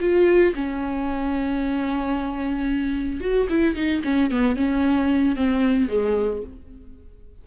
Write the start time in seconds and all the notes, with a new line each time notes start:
0.00 F4
0.55 C#4
3.20 F#4
3.49 E4
3.75 D#4
4.04 C#4
4.31 B3
4.56 C#4
5.36 C4
5.89 G#3